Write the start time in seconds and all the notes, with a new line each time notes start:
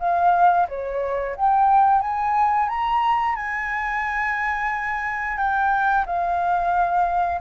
0.00 F5
0.69 C#5
1.36 G5
2.02 G#5
2.69 A#5
3.36 G#5
5.38 G5
6.06 F5